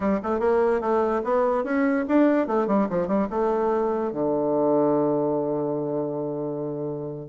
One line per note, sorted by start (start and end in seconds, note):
0.00 0.20 G3
0.22 0.39 A3
0.39 0.80 A#3
0.80 1.21 A3
1.24 1.63 B3
1.63 2.05 C#4
2.08 2.47 D4
2.47 2.67 A3
2.67 2.87 G3
2.89 3.07 F3
3.07 3.28 G3
3.30 4.12 A3
4.12 7.28 D3